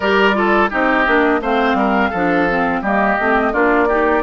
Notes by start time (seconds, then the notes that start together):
0.00 G3 G4 A#4 D5
0.33 F4 A4
0.69 C4 D#4 G4 D#5
1.06 A#3 D4
1.41 A3 C4 C5 F5
1.74 G3 A#4
2.09 F3 D4 A4
2.49 C4
2.81 G3 A#3 G4 D#5
3.19 A3 C4
3.52 A#3 D4 F4 D5
3.87 D#4 G4